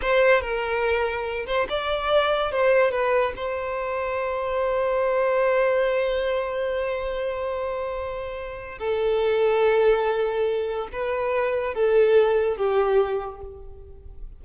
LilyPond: \new Staff \with { instrumentName = "violin" } { \time 4/4 \tempo 4 = 143 c''4 ais'2~ ais'8 c''8 | d''2 c''4 b'4 | c''1~ | c''1~ |
c''1~ | c''4 a'2.~ | a'2 b'2 | a'2 g'2 | }